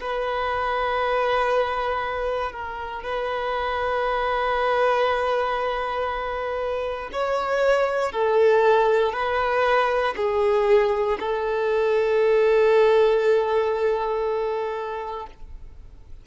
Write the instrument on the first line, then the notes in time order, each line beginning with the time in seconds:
violin
0.00 B4
2.52 A#4
3.03 B4
7.12 C#5
8.12 A4
9.12 B4
10.16 G#4
11.20 A4